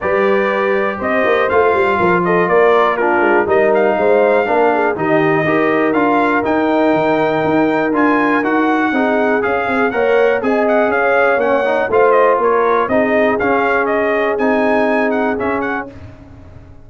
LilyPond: <<
  \new Staff \with { instrumentName = "trumpet" } { \time 4/4 \tempo 4 = 121 d''2 dis''4 f''4~ | f''8 dis''8 d''4 ais'4 dis''8 f''8~ | f''2 dis''2 | f''4 g''2. |
gis''4 fis''2 f''4 | fis''4 gis''8 fis''8 f''4 fis''4 | f''8 dis''8 cis''4 dis''4 f''4 | dis''4 gis''4. fis''8 e''8 fis''8 | }
  \new Staff \with { instrumentName = "horn" } { \time 4/4 b'2 c''2 | ais'8 a'8 ais'4 f'4 ais'4 | c''4 ais'8 gis'8 g'4 ais'4~ | ais'1~ |
ais'2 gis'2 | cis''4 dis''4 cis''2 | c''4 ais'4 gis'2~ | gis'1 | }
  \new Staff \with { instrumentName = "trombone" } { \time 4/4 g'2. f'4~ | f'2 d'4 dis'4~ | dis'4 d'4 dis'4 g'4 | f'4 dis'2. |
f'4 fis'4 dis'4 gis'4 | ais'4 gis'2 cis'8 dis'8 | f'2 dis'4 cis'4~ | cis'4 dis'2 cis'4 | }
  \new Staff \with { instrumentName = "tuba" } { \time 4/4 g2 c'8 ais8 a8 g8 | f4 ais4. gis8 g4 | gis4 ais4 dis4 dis'4 | d'4 dis'4 dis4 dis'4 |
d'4 dis'4 c'4 cis'8 c'8 | ais4 c'4 cis'4 ais4 | a4 ais4 c'4 cis'4~ | cis'4 c'2 cis'4 | }
>>